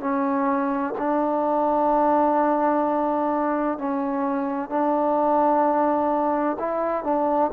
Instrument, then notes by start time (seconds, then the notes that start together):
trombone
0.00 C#4
0.98 D4
3.78 C#4
4.69 D4
6.59 E4
7.04 D4